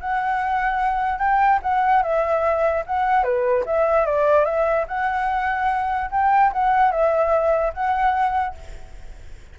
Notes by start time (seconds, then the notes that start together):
0.00 F#5
1.19 G5
1.62 F#5
2.02 E5
2.86 F#5
3.23 B4
3.66 E5
4.06 D5
4.45 E5
4.88 F#5
6.11 G5
6.53 F#5
6.91 E5
7.73 F#5